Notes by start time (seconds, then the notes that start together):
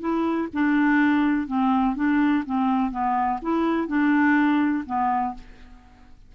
0.00 E4
0.53 D4
1.47 C4
1.96 D4
2.46 C4
2.91 B3
3.42 E4
3.88 D4
4.86 B3